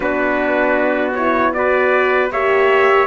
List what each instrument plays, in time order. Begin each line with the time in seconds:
0.00 cello B3, horn D4, trumpet F#4 B4
1.14 horn E4, trumpet C#5
1.53 horn F#4, trumpet B4 D5
2.30 cello A#3, horn G4, trumpet C#5 E5